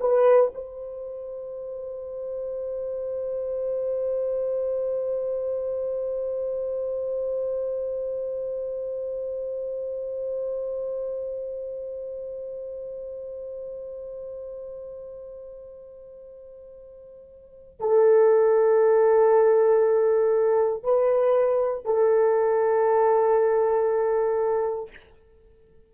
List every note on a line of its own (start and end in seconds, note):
0.00 0.51 B4
0.54 17.80 C5
17.80 20.83 A4
20.83 21.85 B4
21.85 24.90 A4